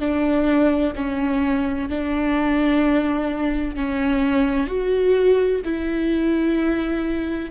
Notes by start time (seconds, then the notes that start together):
0.00 D4
0.96 C#4
1.90 D4
3.76 C#4
4.68 F#4
5.65 E4